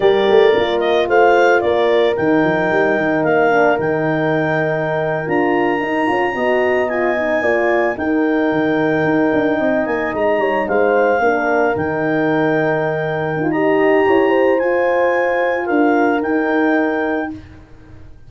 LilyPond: <<
  \new Staff \with { instrumentName = "clarinet" } { \time 4/4 \tempo 4 = 111 d''4. dis''8 f''4 d''4 | g''2 f''4 g''4~ | g''4.~ g''16 ais''2~ ais''16~ | ais''8. gis''2 g''4~ g''16~ |
g''2~ g''16 gis''8 ais''4 f''16~ | f''4.~ f''16 g''2~ g''16~ | g''4 ais''2 gis''4~ | gis''4 f''4 g''2 | }
  \new Staff \with { instrumentName = "horn" } { \time 4/4 ais'2 c''4 ais'4~ | ais'1~ | ais'2.~ ais'8. dis''16~ | dis''4.~ dis''16 d''4 ais'4~ ais'16~ |
ais'4.~ ais'16 dis''4. cis''8 c''16~ | c''8. ais'2.~ ais'16~ | ais'4 dis''4 cis''8 c''4.~ | c''4 ais'2. | }
  \new Staff \with { instrumentName = "horn" } { \time 4/4 g'4 f'2. | dis'2~ dis'8 d'8 dis'4~ | dis'4.~ dis'16 f'4 dis'8 f'8 fis'16~ | fis'8. f'8 dis'8 f'4 dis'4~ dis'16~ |
dis'1~ | dis'8. d'4 dis'2~ dis'16~ | dis'8. f'16 g'2 f'4~ | f'2 dis'2 | }
  \new Staff \with { instrumentName = "tuba" } { \time 4/4 g8 a8 ais4 a4 ais4 | dis8 f8 g8 dis8 ais4 dis4~ | dis4.~ dis16 d'4 dis'8 cis'8 b16~ | b4.~ b16 ais4 dis'4 dis16~ |
dis8. dis'8 d'8 c'8 ais8 gis8 g8 gis16~ | gis8. ais4 dis2~ dis16~ | dis8. dis'4~ dis'16 e'4 f'4~ | f'4 d'4 dis'2 | }
>>